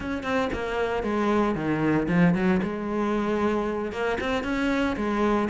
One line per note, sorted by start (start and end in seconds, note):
0.00 0.23 C#4
0.23 0.49 C4
0.53 1.03 A#3
1.03 1.55 G#3
1.55 2.07 D#3
2.08 2.34 F3
2.34 2.60 F#3
2.62 3.92 G#3
3.92 4.18 A#3
4.20 4.43 C4
4.43 4.95 C#4
4.96 5.48 G#3